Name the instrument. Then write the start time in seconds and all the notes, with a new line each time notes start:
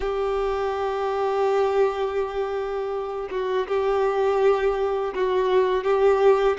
violin
0.00 G4
3.30 F#4
3.67 G4
5.14 F#4
5.84 G4